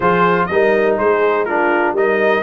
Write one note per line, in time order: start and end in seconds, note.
0.00 0.49 F3
0.00 0.50 F4
0.00 0.47 G#4
0.00 0.46 C5
0.46 0.98 G3
0.46 1.48 D#4
0.46 0.98 A#4
0.46 0.95 D#5
0.98 1.92 G#3
0.98 1.45 G#4
0.98 1.45 C5
1.45 1.96 D4
1.45 1.94 F4
1.45 1.93 A#4
1.92 2.41 G3
1.92 2.43 D#4
1.92 2.43 A#4
1.92 2.43 D#5